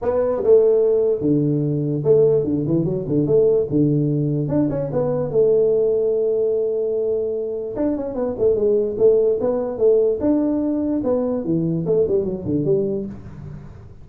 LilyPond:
\new Staff \with { instrumentName = "tuba" } { \time 4/4 \tempo 4 = 147 b4 a2 d4~ | d4 a4 d8 e8 fis8 d8 | a4 d2 d'8 cis'8 | b4 a2.~ |
a2. d'8 cis'8 | b8 a8 gis4 a4 b4 | a4 d'2 b4 | e4 a8 g8 fis8 d8 g4 | }